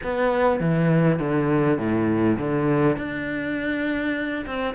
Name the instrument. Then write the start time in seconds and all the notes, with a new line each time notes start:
cello
0.03 B3
0.59 E3
1.19 D3
1.78 A2
2.38 D3
2.96 D4
4.46 C4